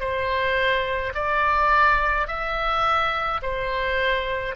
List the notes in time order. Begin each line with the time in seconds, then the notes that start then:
0.00 C5
1.15 D5
2.27 E5
3.43 C5